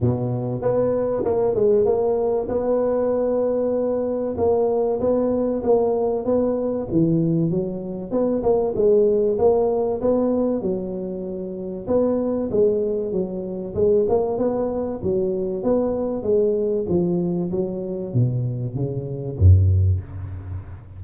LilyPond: \new Staff \with { instrumentName = "tuba" } { \time 4/4 \tempo 4 = 96 b,4 b4 ais8 gis8 ais4 | b2. ais4 | b4 ais4 b4 e4 | fis4 b8 ais8 gis4 ais4 |
b4 fis2 b4 | gis4 fis4 gis8 ais8 b4 | fis4 b4 gis4 f4 | fis4 b,4 cis4 fis,4 | }